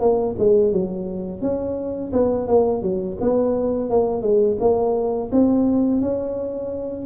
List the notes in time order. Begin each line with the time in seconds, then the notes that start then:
0.00 A#3
0.39 G#3
0.72 F#3
1.41 C#4
2.13 B3
2.47 A#3
2.82 F#3
3.21 B3
3.90 A#3
4.22 G#3
4.60 A#3
5.32 C4
6.01 C#4